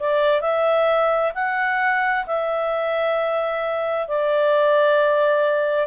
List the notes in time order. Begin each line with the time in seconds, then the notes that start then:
0.00 D5
0.41 E5
1.35 F#5
2.27 E5
4.08 D5